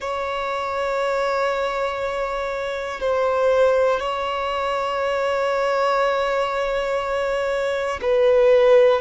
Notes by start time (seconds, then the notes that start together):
0.00 C#5
3.00 C5
4.00 C#5
8.02 B4